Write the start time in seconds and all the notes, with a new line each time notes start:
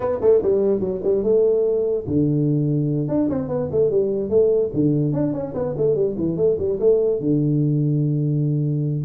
0.00 B3
0.21 A3
0.42 G3
0.80 F#3
1.03 G3
1.23 A3
2.07 D3
3.08 D4
3.29 C4
3.48 B3
3.71 A3
3.90 G3
4.29 A3
4.73 D3
5.12 D4
5.33 C#4
5.54 B3
5.77 A3
5.95 G3
6.17 E3
6.36 A3
6.58 G3
6.79 A3
7.19 D3